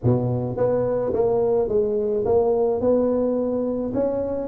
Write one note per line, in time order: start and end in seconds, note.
0.03 0.56 B2
0.56 1.12 B3
1.13 1.68 A#3
1.68 2.24 G#3
2.25 2.80 A#3
2.80 3.93 B3
3.94 4.47 C#4